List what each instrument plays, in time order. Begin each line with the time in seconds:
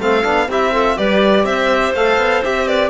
0.00 cello A3, trombone C4, clarinet A4, violin F5
0.23 cello B3, trombone D4
0.49 cello C4, trombone E4, clarinet G4, violin E5
0.72 trombone F4, clarinet A4
0.97 cello G3, trombone G4, clarinet B4, violin D5
1.45 cello C4, clarinet C5, violin E5
1.94 cello A3, trombone A4, violin F5
2.18 cello B3
2.44 cello C4, trombone G4, violin E5
2.67 clarinet B4, violin D5